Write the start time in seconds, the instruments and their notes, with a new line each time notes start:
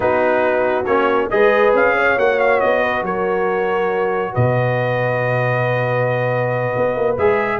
0.00 tuba B3, trombone D#4, horn F#4, trumpet B4
0.85 tuba A#3, trombone C#4, trumpet C#5
1.30 tuba G#3, trombone G#4, horn B4, trumpet D#5
1.73 tuba C#4, trumpet F5
1.96 horn C#5
2.18 tuba A#3, trombone F#4, trumpet F#5
2.39 trumpet F5
2.60 tuba B3, trumpet D#5
2.82 horn B4
3.01 tuba F#3, horn A#4, trumpet C#5
4.32 tuba B2, horn B4, trumpet D#5
6.76 tuba B3
6.96 tuba A#3
7.17 tuba G#3, trombone G#4, trumpet E5